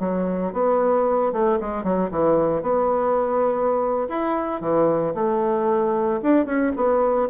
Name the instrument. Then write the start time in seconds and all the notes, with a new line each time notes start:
bassoon
0.00 F#3
0.53 B3
1.33 A3
1.61 G#3
1.84 F#3
2.11 E3
2.62 B3
4.09 E4
4.61 E3
5.15 A3
6.23 D4
6.46 C#4
6.76 B3